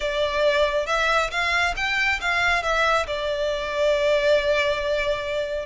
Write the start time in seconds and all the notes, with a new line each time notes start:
0.00 D5
0.86 E5
1.30 F5
1.76 G5
2.20 F5
2.62 E5
3.06 D5